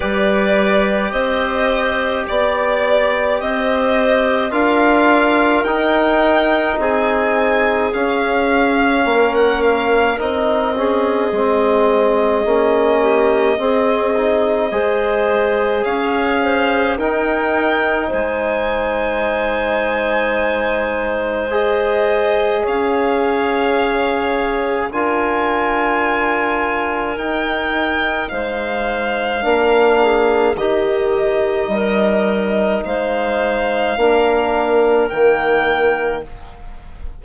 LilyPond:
<<
  \new Staff \with { instrumentName = "violin" } { \time 4/4 \tempo 4 = 53 d''4 dis''4 d''4 dis''4 | f''4 g''4 gis''4 f''4~ | f''16 fis''16 f''8 dis''2.~ | dis''2 f''4 g''4 |
gis''2. dis''4 | f''2 gis''2 | g''4 f''2 dis''4~ | dis''4 f''2 g''4 | }
  \new Staff \with { instrumentName = "clarinet" } { \time 4/4 b'4 c''4 d''4 c''4 | ais'2 gis'2 | ais'4. gis'2 g'8 | gis'4 c''4 cis''8 c''8 ais'4 |
c''1 | cis''2 ais'2~ | ais'4 c''4 ais'8 gis'8 g'4 | ais'4 c''4 ais'2 | }
  \new Staff \with { instrumentName = "trombone" } { \time 4/4 g'1 | f'4 dis'2 cis'4~ | cis'4 dis'8 cis'8 c'4 cis'4 | c'8 dis'8 gis'2 dis'4~ |
dis'2. gis'4~ | gis'2 f'2 | dis'2 d'4 dis'4~ | dis'2 d'4 ais4 | }
  \new Staff \with { instrumentName = "bassoon" } { \time 4/4 g4 c'4 b4 c'4 | d'4 dis'4 c'4 cis'4 | ais4 c'4 gis4 ais4 | c'4 gis4 cis'4 dis'4 |
gis1 | cis'2 d'2 | dis'4 gis4 ais4 dis4 | g4 gis4 ais4 dis4 | }
>>